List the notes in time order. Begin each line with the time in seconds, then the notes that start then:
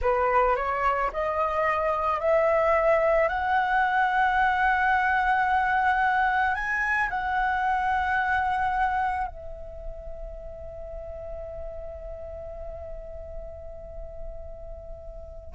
0.01 B4
0.56 C#5
1.13 D#5
2.20 E5
3.28 F#5
6.55 G#5
7.10 F#5
9.27 E5